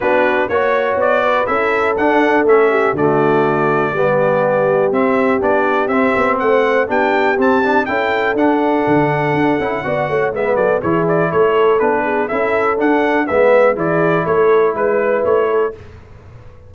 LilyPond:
<<
  \new Staff \with { instrumentName = "trumpet" } { \time 4/4 \tempo 4 = 122 b'4 cis''4 d''4 e''4 | fis''4 e''4 d''2~ | d''2 e''4 d''4 | e''4 fis''4 g''4 a''4 |
g''4 fis''2.~ | fis''4 e''8 d''8 cis''8 d''8 cis''4 | b'4 e''4 fis''4 e''4 | d''4 cis''4 b'4 cis''4 | }
  \new Staff \with { instrumentName = "horn" } { \time 4/4 fis'4 cis''4. b'8 a'4~ | a'4. g'8 fis'2 | g'1~ | g'4 c''4 g'2 |
a'1 | d''8 cis''8 b'8 a'8 gis'4 a'4~ | a'8 gis'8 a'2 b'4 | gis'4 a'4 b'4. a'8 | }
  \new Staff \with { instrumentName = "trombone" } { \time 4/4 d'4 fis'2 e'4 | d'4 cis'4 a2 | b2 c'4 d'4 | c'2 d'4 c'8 d'8 |
e'4 d'2~ d'8 e'8 | fis'4 b4 e'2 | d'4 e'4 d'4 b4 | e'1 | }
  \new Staff \with { instrumentName = "tuba" } { \time 4/4 b4 ais4 b4 cis'4 | d'4 a4 d2 | g2 c'4 b4 | c'8 b8 a4 b4 c'4 |
cis'4 d'4 d4 d'8 cis'8 | b8 a8 gis8 fis8 e4 a4 | b4 cis'4 d'4 gis4 | e4 a4 gis4 a4 | }
>>